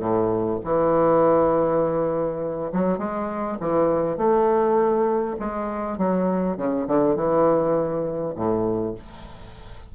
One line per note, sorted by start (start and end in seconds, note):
0.00 0.59 A2
0.65 2.72 E3
2.72 2.99 F#3
2.99 3.58 G#3
3.60 4.18 E3
4.18 5.37 A3
5.40 5.98 G#3
5.98 6.58 F#3
6.58 6.87 C#3
6.88 7.16 D3
7.16 8.35 E3
8.36 8.95 A2